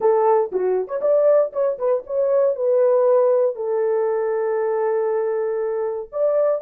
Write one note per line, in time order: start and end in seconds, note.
0.00 0.51 A4
0.52 0.87 F#4
0.87 1.00 C#5
1.01 1.52 D5
1.52 1.78 C#5
1.78 2.03 B4
2.06 2.55 C#5
2.55 3.55 B4
3.55 6.09 A4
6.12 6.61 D5